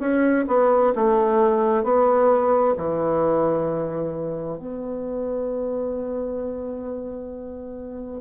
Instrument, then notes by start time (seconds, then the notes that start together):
bassoon
0.00 C#4
0.48 B3
0.95 A3
1.84 B3
2.78 E3
4.58 B3